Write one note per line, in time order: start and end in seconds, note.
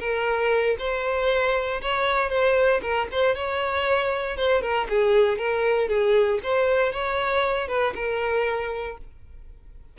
0.00 0.77 A#4
0.79 1.82 C5
1.82 2.30 C#5
2.30 2.81 C5
2.82 3.08 A#4
3.12 3.35 C5
3.35 4.37 C#5
4.37 4.62 C5
4.62 4.87 A#4
4.89 5.38 G#4
5.38 5.89 A#4
5.89 6.40 G#4
6.44 6.93 C5
6.93 7.68 C#5
7.68 7.94 B4
7.95 8.98 A#4